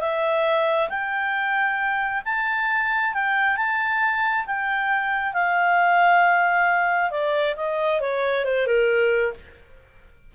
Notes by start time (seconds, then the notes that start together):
0.00 E5
0.89 G5
2.25 A5
3.14 G5
3.56 A5
4.46 G5
5.33 F5
7.11 D5
7.56 D#5
8.01 C#5
8.44 C5
8.67 A#4